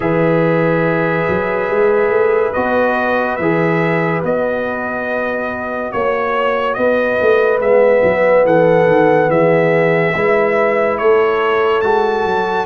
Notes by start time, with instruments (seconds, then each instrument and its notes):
0.00 tuba E3, trombone G#4, horn B4, trumpet E5
1.27 tuba F#3
1.70 tuba G#3
2.09 tuba A3
2.53 tuba B3, trombone F#4, trumpet D#5
3.36 tuba E3, trombone G#4, trumpet E5
4.23 tuba B3, trombone F#4, trumpet D#5
5.92 tuba A#3, trumpet C#5, horn C#5
6.74 tuba B3, horn B4, trumpet D#5
7.21 tuba A3
7.59 tuba G#3, trombone B3, trumpet E5
8.02 tuba F#3
8.45 tuba E3, horn A4, trumpet F#5
8.86 tuba D#3
9.28 tuba E3, horn G#4, trumpet E5
10.14 tuba G#3, trombone E4, horn B4
10.98 tuba A3, horn A4, trumpet C#5
11.81 tuba G#3, trombone F#4, trumpet A5
12.25 tuba F#3